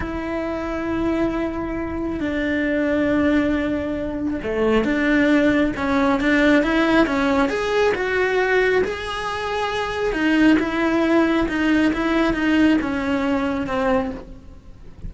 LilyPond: \new Staff \with { instrumentName = "cello" } { \time 4/4 \tempo 4 = 136 e'1~ | e'4 d'2.~ | d'2 a4 d'4~ | d'4 cis'4 d'4 e'4 |
cis'4 gis'4 fis'2 | gis'2. dis'4 | e'2 dis'4 e'4 | dis'4 cis'2 c'4 | }